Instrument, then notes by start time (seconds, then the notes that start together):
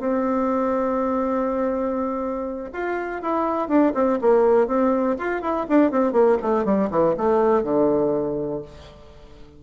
bassoon
0.00 C4
2.73 F4
3.22 E4
3.69 D4
3.95 C4
4.22 A#3
4.68 C4
5.19 F4
5.42 E4
5.69 D4
5.92 C4
6.13 A#3
6.43 A3
6.65 G3
6.91 E3
7.18 A3
7.64 D3